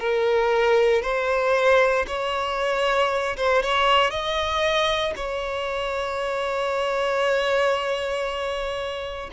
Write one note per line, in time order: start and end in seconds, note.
0.00 1.03 A#4
1.03 2.06 C5
2.07 3.37 C#5
3.37 3.63 C5
3.63 4.11 C#5
4.11 5.14 D#5
5.16 9.30 C#5